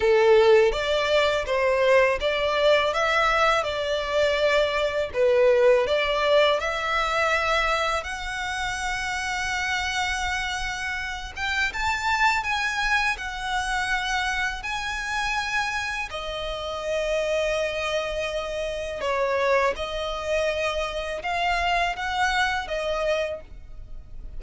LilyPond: \new Staff \with { instrumentName = "violin" } { \time 4/4 \tempo 4 = 82 a'4 d''4 c''4 d''4 | e''4 d''2 b'4 | d''4 e''2 fis''4~ | fis''2.~ fis''8 g''8 |
a''4 gis''4 fis''2 | gis''2 dis''2~ | dis''2 cis''4 dis''4~ | dis''4 f''4 fis''4 dis''4 | }